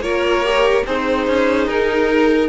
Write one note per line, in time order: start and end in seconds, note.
0.00 0.82 A#3
0.00 0.44 F4
0.00 0.85 A#4
0.00 0.84 C#5
0.44 0.85 G4
0.86 1.27 C4
0.86 2.48 D#4
0.86 2.48 G#4
0.86 1.68 C5
1.27 1.67 C#4
1.67 2.48 D#4
1.67 2.48 A#4